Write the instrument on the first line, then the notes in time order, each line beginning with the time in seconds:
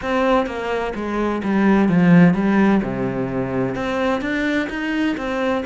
cello
0.01 C4
0.46 A#3
0.95 G#3
1.43 G3
1.89 F3
2.34 G3
2.83 C3
3.75 C4
4.21 D4
4.69 D#4
5.17 C4